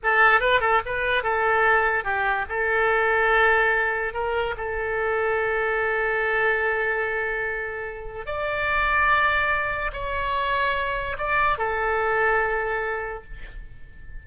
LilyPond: \new Staff \with { instrumentName = "oboe" } { \time 4/4 \tempo 4 = 145 a'4 b'8 a'8 b'4 a'4~ | a'4 g'4 a'2~ | a'2 ais'4 a'4~ | a'1~ |
a'1 | d''1 | cis''2. d''4 | a'1 | }